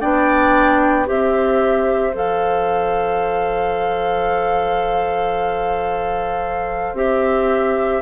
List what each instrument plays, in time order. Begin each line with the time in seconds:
0.00 bassoon B3, clarinet D4, oboe D5, flute G5
1.06 bassoon C4, clarinet G4, oboe C5, flute E5
2.14 bassoon F3, clarinet A4, flute F5
6.94 bassoon C4, clarinet G4, flute E5